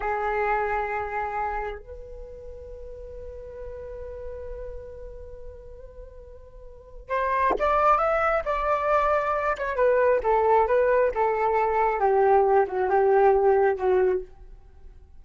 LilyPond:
\new Staff \with { instrumentName = "flute" } { \time 4/4 \tempo 4 = 135 gis'1 | b'1~ | b'1~ | b'1 |
c''4 d''4 e''4 d''4~ | d''4. cis''8 b'4 a'4 | b'4 a'2 g'4~ | g'8 fis'8 g'2 fis'4 | }